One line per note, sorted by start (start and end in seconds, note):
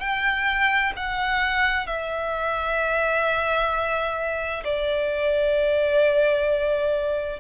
0.00 0.92 G5
0.96 1.86 F#5
1.86 4.63 E5
4.64 7.40 D5